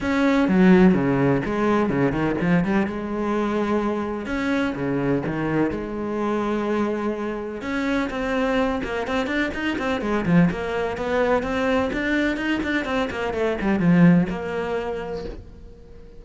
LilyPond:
\new Staff \with { instrumentName = "cello" } { \time 4/4 \tempo 4 = 126 cis'4 fis4 cis4 gis4 | cis8 dis8 f8 g8 gis2~ | gis4 cis'4 cis4 dis4 | gis1 |
cis'4 c'4. ais8 c'8 d'8 | dis'8 c'8 gis8 f8 ais4 b4 | c'4 d'4 dis'8 d'8 c'8 ais8 | a8 g8 f4 ais2 | }